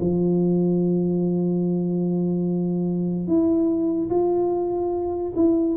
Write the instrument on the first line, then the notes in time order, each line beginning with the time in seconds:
tuba
0.00 F3
3.27 E4
4.09 F4
5.35 E4